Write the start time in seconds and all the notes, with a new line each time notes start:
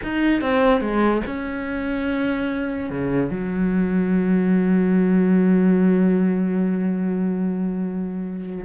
0.03 D#4
0.41 C4
0.81 G#3
1.26 C#4
2.90 C#3
3.30 F#3